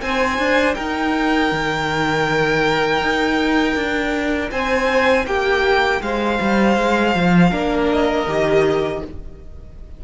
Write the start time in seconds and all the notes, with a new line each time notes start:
0.00 C4 D#4 C5 G#5
0.39 D4
0.74 D#4 A#4 G5
1.52 D#3
3.01 D#4
3.75 D4
4.51 C4 C5 G#5
5.26 A#3 G4 G5
6.01 G#3 C5 F5
6.41 G3
6.77 G#3
7.15 F3
7.50 A#3 D4 A#4
7.92 D#5
8.26 D#3 G4